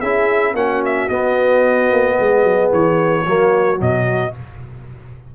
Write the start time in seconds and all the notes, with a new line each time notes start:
0.00 C#4 E4 G#4 E5
0.54 A#3 C#4 F#4 F#5
0.85 E5
1.09 B3 D#5
1.91 A#3
2.19 G#3 G#4
2.43 F#3
2.72 E3 C#5
3.26 F#3 A#3 F#4
3.77 B2 F#3 D#5